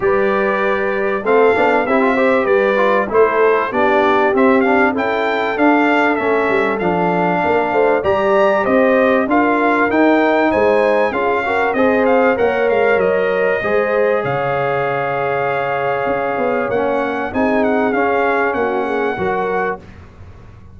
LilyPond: <<
  \new Staff \with { instrumentName = "trumpet" } { \time 4/4 \tempo 4 = 97 d''2 f''4 e''4 | d''4 c''4 d''4 e''8 f''8 | g''4 f''4 e''4 f''4~ | f''4 ais''4 dis''4 f''4 |
g''4 gis''4 f''4 dis''8 f''8 | fis''8 f''8 dis''2 f''4~ | f''2. fis''4 | gis''8 fis''8 f''4 fis''2 | }
  \new Staff \with { instrumentName = "horn" } { \time 4/4 b'2 a'4 g'8 c''8 | b'4 a'4 g'2 | a'1 | ais'8 c''8 d''4 c''4 ais'4~ |
ais'4 c''4 gis'8 ais'8 c''4 | cis''2 c''4 cis''4~ | cis''1 | gis'2 fis'8 gis'8 ais'4 | }
  \new Staff \with { instrumentName = "trombone" } { \time 4/4 g'2 c'8 d'8 e'16 f'16 g'8~ | g'8 f'8 e'4 d'4 c'8 d'8 | e'4 d'4 cis'4 d'4~ | d'4 g'2 f'4 |
dis'2 f'8 fis'8 gis'4 | ais'2 gis'2~ | gis'2. cis'4 | dis'4 cis'2 fis'4 | }
  \new Staff \with { instrumentName = "tuba" } { \time 4/4 g2 a8 b8 c'4 | g4 a4 b4 c'4 | cis'4 d'4 a8 g8 f4 | ais8 a8 g4 c'4 d'4 |
dis'4 gis4 cis'4 c'4 | ais8 gis8 fis4 gis4 cis4~ | cis2 cis'8 b8 ais4 | c'4 cis'4 ais4 fis4 | }
>>